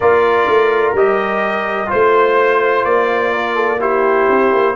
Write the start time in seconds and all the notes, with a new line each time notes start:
0.00 A#3 F4 A#4 D5
0.47 A3
0.93 G3 G4 D#5
1.86 F4 C5
1.93 A3
2.84 A#3 D5
3.33 A#4
3.55 A4
3.80 E4 G4 C5
4.29 C4
4.52 A#3